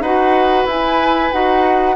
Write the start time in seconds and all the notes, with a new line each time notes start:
0.00 D#4 F#4 B4 F#5
0.65 E4 G#5
1.32 D#4 F#4 F#5